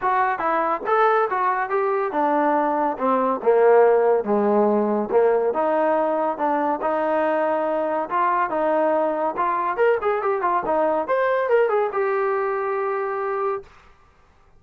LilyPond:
\new Staff \with { instrumentName = "trombone" } { \time 4/4 \tempo 4 = 141 fis'4 e'4 a'4 fis'4 | g'4 d'2 c'4 | ais2 gis2 | ais4 dis'2 d'4 |
dis'2. f'4 | dis'2 f'4 ais'8 gis'8 | g'8 f'8 dis'4 c''4 ais'8 gis'8 | g'1 | }